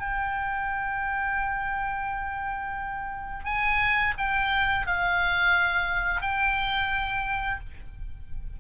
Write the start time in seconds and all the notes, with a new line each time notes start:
0.00 G5
3.45 G#5
4.18 G5
4.87 F5
6.22 G5